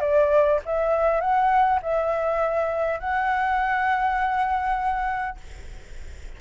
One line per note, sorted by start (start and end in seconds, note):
0.00 0.59 D5
0.66 1.20 E5
1.20 1.80 F#5
1.82 3.00 E5
3.00 5.38 F#5